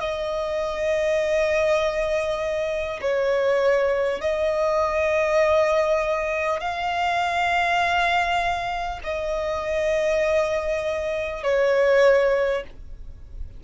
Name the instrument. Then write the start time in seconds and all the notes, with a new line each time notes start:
violin
0.00 D#5
3.01 C#5
4.21 D#5
6.60 F5
9.03 D#5
11.43 C#5